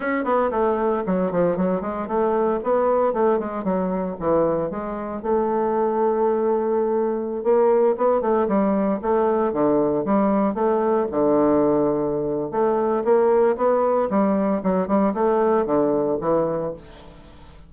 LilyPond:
\new Staff \with { instrumentName = "bassoon" } { \time 4/4 \tempo 4 = 115 cis'8 b8 a4 fis8 f8 fis8 gis8 | a4 b4 a8 gis8 fis4 | e4 gis4 a2~ | a2~ a16 ais4 b8 a16~ |
a16 g4 a4 d4 g8.~ | g16 a4 d2~ d8. | a4 ais4 b4 g4 | fis8 g8 a4 d4 e4 | }